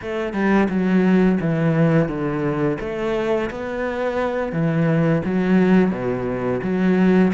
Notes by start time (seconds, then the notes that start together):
0.01 A3
0.33 G3
0.68 F#3
1.40 E3
2.08 D3
2.80 A3
3.50 B3
4.52 E3
5.24 F#3
5.90 B2
6.62 F#3